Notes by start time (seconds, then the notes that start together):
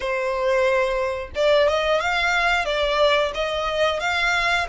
0.00 C5
1.35 D5
1.68 D#5
2.00 F5
2.65 D5
3.34 D#5
4.00 F5